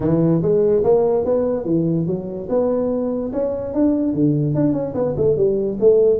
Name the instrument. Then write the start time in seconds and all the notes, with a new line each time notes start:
tuba
0.00 E3
0.42 G#3
0.83 A#3
1.25 B3
1.65 E3
2.06 F#3
2.49 B3
3.32 C#4
3.74 D4
4.13 D3
4.55 D4
4.73 C#4
4.94 B3
5.16 A3
5.36 G3
5.79 A3